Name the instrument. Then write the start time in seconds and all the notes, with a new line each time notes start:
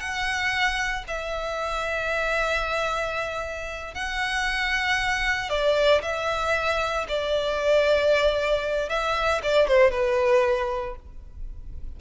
violin
0.00 F#5
1.08 E5
3.94 F#5
5.49 D5
6.02 E5
7.08 D5
8.89 E5
9.43 D5
9.68 C5
9.91 B4